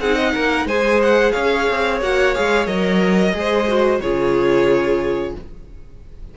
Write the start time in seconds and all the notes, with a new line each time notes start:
0.00 C4 D#4 G#4 F#5
0.15 D#5
0.34 A#3 A#4
0.65 G#3 G#4 C5 G#5
1.02 F#5
1.32 C#4 C#5 F5
1.70 C4
2.01 A#3 F#4 F#5
2.34 G#3 G#4 F5
2.66 F#3 A#4 D#5
3.33 G#3 G#4 C5
3.68 F#4
4.00 C#3 F4 G#4 C#5